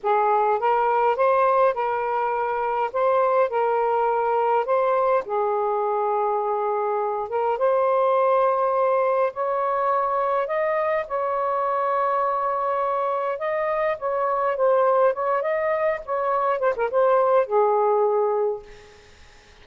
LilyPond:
\new Staff \with { instrumentName = "saxophone" } { \time 4/4 \tempo 4 = 103 gis'4 ais'4 c''4 ais'4~ | ais'4 c''4 ais'2 | c''4 gis'2.~ | gis'8 ais'8 c''2. |
cis''2 dis''4 cis''4~ | cis''2. dis''4 | cis''4 c''4 cis''8 dis''4 cis''8~ | cis''8 c''16 ais'16 c''4 gis'2 | }